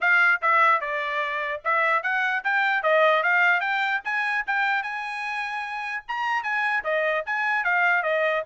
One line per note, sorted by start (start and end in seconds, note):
0.00 0.41 F5
0.41 0.81 E5
0.81 1.61 D5
1.64 2.02 E5
2.02 2.43 F#5
2.44 2.82 G5
2.82 3.23 D#5
3.23 3.60 F5
3.60 4.00 G5
4.04 4.44 G#5
4.47 4.82 G5
4.82 6.03 G#5
6.08 6.43 A#5
6.43 6.83 G#5
6.84 7.24 D#5
7.26 7.63 G#5
7.63 8.02 F5
8.02 8.43 D#5